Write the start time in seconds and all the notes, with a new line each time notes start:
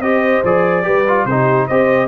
0.00 C4 G4 C5 D#5
0.44 F3 G#4 D5
0.83 G3 G4 B4
1.08 F4
1.25 C3 D#4 G4 C5
1.67 C4 G4 C5 D#5